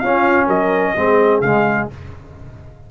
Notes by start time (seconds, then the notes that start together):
0.00 C#4 F4 F5
0.47 F#3 A#4 D#5
0.96 G#3 C4 G#4
1.41 C#3 G#3 F5